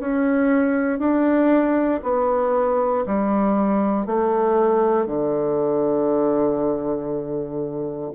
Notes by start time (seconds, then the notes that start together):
0.00 C#4
0.99 D4
2.03 B3
3.06 G3
4.06 A3
5.06 D3